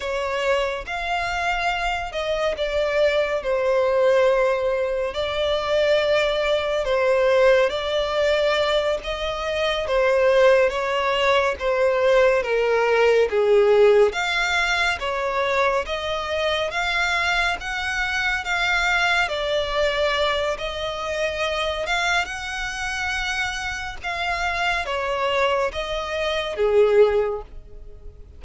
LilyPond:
\new Staff \with { instrumentName = "violin" } { \time 4/4 \tempo 4 = 70 cis''4 f''4. dis''8 d''4 | c''2 d''2 | c''4 d''4. dis''4 c''8~ | c''8 cis''4 c''4 ais'4 gis'8~ |
gis'8 f''4 cis''4 dis''4 f''8~ | f''8 fis''4 f''4 d''4. | dis''4. f''8 fis''2 | f''4 cis''4 dis''4 gis'4 | }